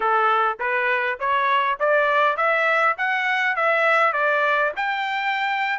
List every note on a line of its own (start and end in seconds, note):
0.00 0.58 A4
0.59 1.19 B4
1.19 1.78 C#5
1.79 2.36 D5
2.36 2.96 E5
2.97 3.56 F#5
3.56 4.12 E5
4.12 4.72 D5
4.76 5.79 G5